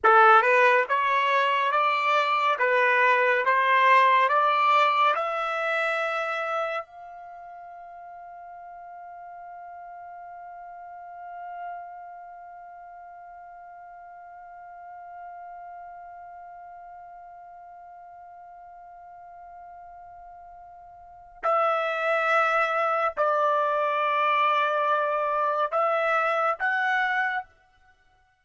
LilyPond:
\new Staff \with { instrumentName = "trumpet" } { \time 4/4 \tempo 4 = 70 a'8 b'8 cis''4 d''4 b'4 | c''4 d''4 e''2 | f''1~ | f''1~ |
f''1~ | f''1~ | f''4 e''2 d''4~ | d''2 e''4 fis''4 | }